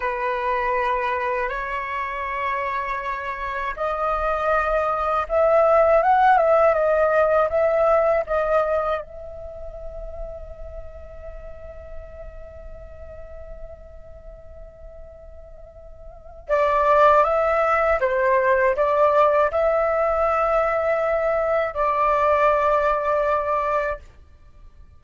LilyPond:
\new Staff \with { instrumentName = "flute" } { \time 4/4 \tempo 4 = 80 b'2 cis''2~ | cis''4 dis''2 e''4 | fis''8 e''8 dis''4 e''4 dis''4 | e''1~ |
e''1~ | e''2 d''4 e''4 | c''4 d''4 e''2~ | e''4 d''2. | }